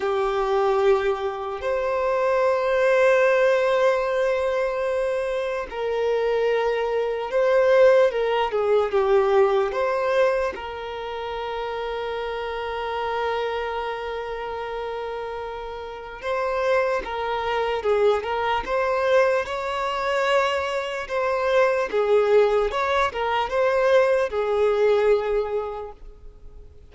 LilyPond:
\new Staff \with { instrumentName = "violin" } { \time 4/4 \tempo 4 = 74 g'2 c''2~ | c''2. ais'4~ | ais'4 c''4 ais'8 gis'8 g'4 | c''4 ais'2.~ |
ais'1 | c''4 ais'4 gis'8 ais'8 c''4 | cis''2 c''4 gis'4 | cis''8 ais'8 c''4 gis'2 | }